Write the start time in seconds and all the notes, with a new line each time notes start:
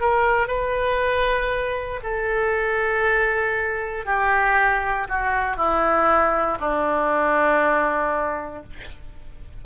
0.00 A#4
0.47 B4
2.03 A4
4.05 G4
5.08 F#4
5.57 E4
6.60 D4